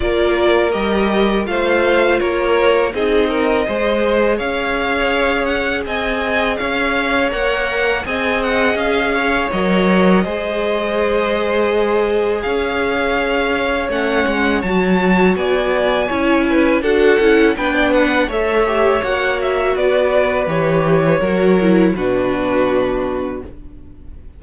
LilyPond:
<<
  \new Staff \with { instrumentName = "violin" } { \time 4/4 \tempo 4 = 82 d''4 dis''4 f''4 cis''4 | dis''2 f''4. fis''8 | gis''4 f''4 fis''4 gis''8 fis''8 | f''4 dis''2.~ |
dis''4 f''2 fis''4 | a''4 gis''2 fis''4 | g''8 fis''8 e''4 fis''8 e''8 d''4 | cis''2 b'2 | }
  \new Staff \with { instrumentName = "violin" } { \time 4/4 ais'2 c''4 ais'4 | gis'8 ais'8 c''4 cis''2 | dis''4 cis''2 dis''4~ | dis''8 cis''4. c''2~ |
c''4 cis''2.~ | cis''4 d''4 cis''8 b'8 a'4 | b'16 d''16 b'8 cis''2 b'4~ | b'4 ais'4 fis'2 | }
  \new Staff \with { instrumentName = "viola" } { \time 4/4 f'4 g'4 f'2 | dis'4 gis'2.~ | gis'2 ais'4 gis'4~ | gis'4 ais'4 gis'2~ |
gis'2. cis'4 | fis'2 e'4 fis'8 e'8 | d'4 a'8 g'8 fis'2 | g'4 fis'8 e'8 d'2 | }
  \new Staff \with { instrumentName = "cello" } { \time 4/4 ais4 g4 a4 ais4 | c'4 gis4 cis'2 | c'4 cis'4 ais4 c'4 | cis'4 fis4 gis2~ |
gis4 cis'2 a8 gis8 | fis4 b4 cis'4 d'8 cis'8 | b4 a4 ais4 b4 | e4 fis4 b,2 | }
>>